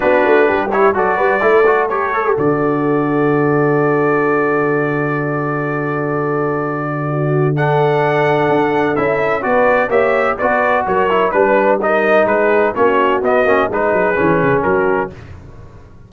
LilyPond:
<<
  \new Staff \with { instrumentName = "trumpet" } { \time 4/4 \tempo 4 = 127 b'4. cis''8 d''2 | cis''4 d''2.~ | d''1~ | d''1 |
fis''2. e''4 | d''4 e''4 d''4 cis''4 | b'4 dis''4 b'4 cis''4 | dis''4 b'2 ais'4 | }
  \new Staff \with { instrumentName = "horn" } { \time 4/4 fis'4 g'4 a'8 b'8 a'4~ | a'1~ | a'1~ | a'2. fis'4 |
a'1 | b'4 cis''4 b'4 ais'4 | b'4 ais'4 gis'4 fis'4~ | fis'4 gis'2 fis'4 | }
  \new Staff \with { instrumentName = "trombone" } { \time 4/4 d'4. e'8 fis'4 e'8 fis'8 | g'8 a'16 g'16 fis'2.~ | fis'1~ | fis'1 |
d'2. e'4 | fis'4 g'4 fis'4. e'8 | d'4 dis'2 cis'4 | b8 cis'8 dis'4 cis'2 | }
  \new Staff \with { instrumentName = "tuba" } { \time 4/4 b8 a8 g4 fis8 g8 a4~ | a4 d2.~ | d1~ | d1~ |
d2 d'4 cis'4 | b4 ais4 b4 fis4 | g2 gis4 ais4 | b8 ais8 gis8 fis8 e8 cis8 fis4 | }
>>